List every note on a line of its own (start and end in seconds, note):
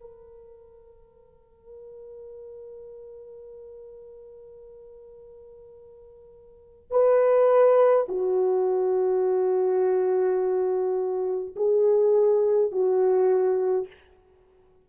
0.00 6.91 A#4
6.91 8.06 B4
8.08 11.54 F#4
11.56 12.71 G#4
12.72 13.87 F#4